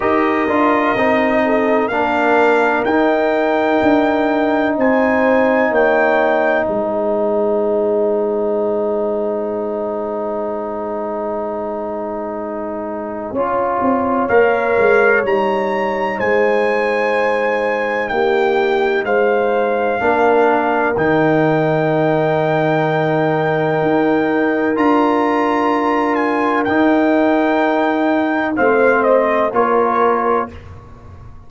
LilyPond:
<<
  \new Staff \with { instrumentName = "trumpet" } { \time 4/4 \tempo 4 = 63 dis''2 f''4 g''4~ | g''4 gis''4 g''4 gis''4~ | gis''1~ | gis''2. f''4 |
ais''4 gis''2 g''4 | f''2 g''2~ | g''2 ais''4. gis''8 | g''2 f''8 dis''8 cis''4 | }
  \new Staff \with { instrumentName = "horn" } { \time 4/4 ais'4. a'8 ais'2~ | ais'4 c''4 cis''4 c''4~ | c''1~ | c''2 cis''2~ |
cis''4 c''2 g'4 | c''4 ais'2.~ | ais'1~ | ais'2 c''4 ais'4 | }
  \new Staff \with { instrumentName = "trombone" } { \time 4/4 g'8 f'8 dis'4 d'4 dis'4~ | dis'1~ | dis'1~ | dis'2 f'4 ais'4 |
dis'1~ | dis'4 d'4 dis'2~ | dis'2 f'2 | dis'2 c'4 f'4 | }
  \new Staff \with { instrumentName = "tuba" } { \time 4/4 dis'8 d'8 c'4 ais4 dis'4 | d'4 c'4 ais4 gis4~ | gis1~ | gis2 cis'8 c'8 ais8 gis8 |
g4 gis2 ais4 | gis4 ais4 dis2~ | dis4 dis'4 d'2 | dis'2 a4 ais4 | }
>>